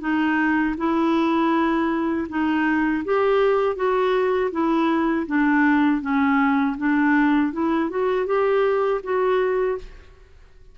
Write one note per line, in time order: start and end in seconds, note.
0.00 0.75 D#4
0.77 2.27 E4
2.29 3.04 D#4
3.04 3.75 G4
3.75 4.50 F#4
4.51 5.26 E4
5.26 6.01 D4
6.01 6.76 C#4
6.77 7.52 D4
7.52 7.90 E4
7.90 8.26 F#4
8.26 9.01 G4
9.03 9.78 F#4